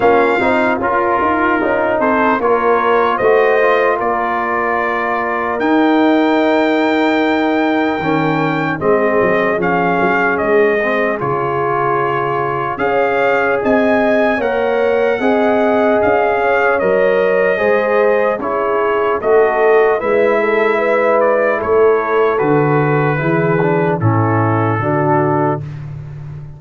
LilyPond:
<<
  \new Staff \with { instrumentName = "trumpet" } { \time 4/4 \tempo 4 = 75 f''4 ais'4. c''8 cis''4 | dis''4 d''2 g''4~ | g''2. dis''4 | f''4 dis''4 cis''2 |
f''4 gis''4 fis''2 | f''4 dis''2 cis''4 | dis''4 e''4. d''8 cis''4 | b'2 a'2 | }
  \new Staff \with { instrumentName = "horn" } { \time 4/4 f'2~ f'8 a'8 ais'4 | c''4 ais'2.~ | ais'2. gis'4~ | gis'1 |
cis''4 dis''4 cis''4 dis''4~ | dis''8 cis''4. c''4 gis'4 | a'4 b'8 a'8 b'4 a'4~ | a'4 gis'4 e'4 fis'4 | }
  \new Staff \with { instrumentName = "trombone" } { \time 4/4 cis'8 dis'8 f'4 dis'4 f'4 | fis'8 f'2~ f'8 dis'4~ | dis'2 cis'4 c'4 | cis'4. c'8 f'2 |
gis'2 ais'4 gis'4~ | gis'4 ais'4 gis'4 e'4 | fis'4 e'2. | fis'4 e'8 d'8 cis'4 d'4 | }
  \new Staff \with { instrumentName = "tuba" } { \time 4/4 ais8 c'8 cis'8 dis'8 cis'8 c'8 ais4 | a4 ais2 dis'4~ | dis'2 dis4 gis8 fis8 | f8 fis8 gis4 cis2 |
cis'4 c'4 ais4 c'4 | cis'4 fis4 gis4 cis'4 | a4 gis2 a4 | d4 e4 a,4 d4 | }
>>